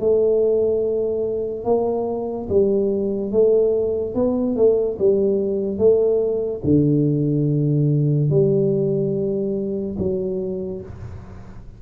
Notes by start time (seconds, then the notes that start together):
0.00 A3
1.65 A#3
2.50 G3
3.32 A3
4.15 B3
4.56 A3
4.99 G3
5.78 A3
6.64 D3
8.30 G3
9.99 F#3